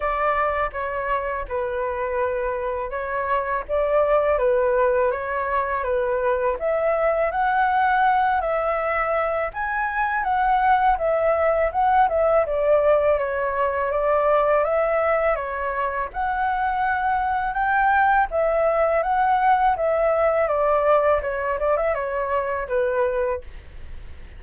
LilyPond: \new Staff \with { instrumentName = "flute" } { \time 4/4 \tempo 4 = 82 d''4 cis''4 b'2 | cis''4 d''4 b'4 cis''4 | b'4 e''4 fis''4. e''8~ | e''4 gis''4 fis''4 e''4 |
fis''8 e''8 d''4 cis''4 d''4 | e''4 cis''4 fis''2 | g''4 e''4 fis''4 e''4 | d''4 cis''8 d''16 e''16 cis''4 b'4 | }